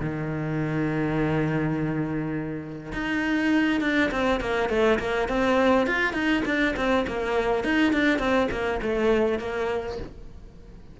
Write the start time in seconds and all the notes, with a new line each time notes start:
0.00 D#3
2.93 D#4
3.81 D4
4.11 C4
4.41 A#3
4.70 A3
4.99 A#3
5.29 C4
5.87 F4
6.14 D#4
6.45 D4
6.76 C4
7.07 A#3
7.64 D#4
7.93 D4
8.19 C4
8.51 A#3
8.82 A3
9.39 A#3